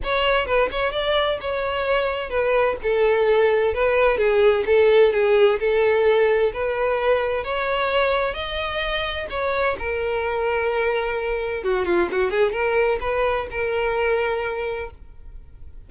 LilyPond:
\new Staff \with { instrumentName = "violin" } { \time 4/4 \tempo 4 = 129 cis''4 b'8 cis''8 d''4 cis''4~ | cis''4 b'4 a'2 | b'4 gis'4 a'4 gis'4 | a'2 b'2 |
cis''2 dis''2 | cis''4 ais'2.~ | ais'4 fis'8 f'8 fis'8 gis'8 ais'4 | b'4 ais'2. | }